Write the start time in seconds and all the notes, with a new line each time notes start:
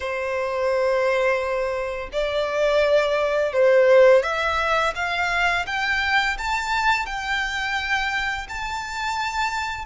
0.00 C5
2.12 D5
3.53 C5
4.23 E5
4.95 F5
5.66 G5
6.38 A5
7.06 G5
8.48 A5